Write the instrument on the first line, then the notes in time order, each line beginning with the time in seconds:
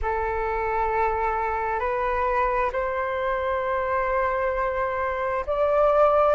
flute
0.02 A4
1.79 B4
2.72 C5
5.46 D5